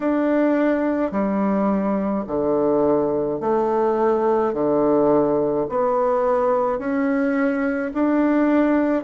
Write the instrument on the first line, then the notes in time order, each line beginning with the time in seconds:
bassoon
0.00 D4
1.11 G3
2.26 D3
3.40 A3
4.53 D3
5.69 B3
6.79 C#4
7.93 D4